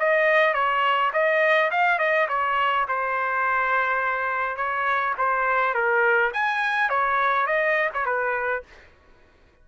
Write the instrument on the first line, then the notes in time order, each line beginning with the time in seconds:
trumpet
0.00 D#5
0.54 C#5
1.14 D#5
1.72 F5
1.99 D#5
2.29 C#5
2.89 C5
4.57 C#5
5.18 C5
5.75 A#4
6.34 G#5
6.90 C#5
7.47 D#5
7.95 C#5
8.06 B4